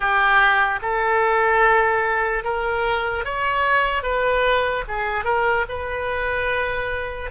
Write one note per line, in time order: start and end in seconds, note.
0.00 0.80 G4
0.81 2.44 A4
2.44 3.24 A#4
3.24 4.02 C#5
4.02 4.84 B4
4.88 5.24 G#4
5.24 5.65 A#4
5.68 7.30 B4